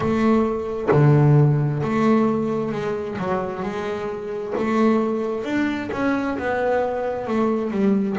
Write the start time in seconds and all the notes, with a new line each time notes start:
0.00 A3
0.91 D3
1.82 A3
2.71 G#3
3.18 F#3
3.62 G#3
4.57 A3
5.44 D4
5.92 C#4
6.38 B3
7.27 A3
7.70 G3